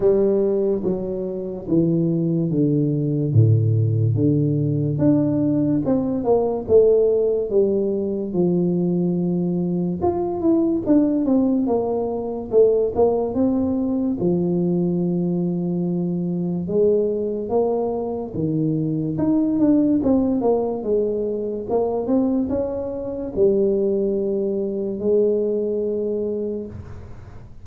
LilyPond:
\new Staff \with { instrumentName = "tuba" } { \time 4/4 \tempo 4 = 72 g4 fis4 e4 d4 | a,4 d4 d'4 c'8 ais8 | a4 g4 f2 | f'8 e'8 d'8 c'8 ais4 a8 ais8 |
c'4 f2. | gis4 ais4 dis4 dis'8 d'8 | c'8 ais8 gis4 ais8 c'8 cis'4 | g2 gis2 | }